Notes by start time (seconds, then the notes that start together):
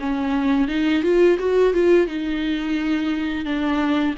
0.00 C#4
0.68 D#4
1.03 F4
1.39 F#4
1.74 F4
2.07 D#4
3.45 D4